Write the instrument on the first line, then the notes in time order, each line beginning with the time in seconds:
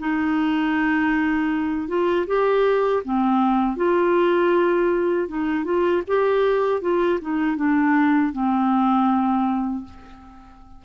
clarinet
0.00 D#4
1.88 F4
2.27 G4
3.05 C4
3.77 F4
5.29 D#4
5.65 F4
6.08 G4
6.81 F4
7.22 D#4
7.57 D4
8.33 C4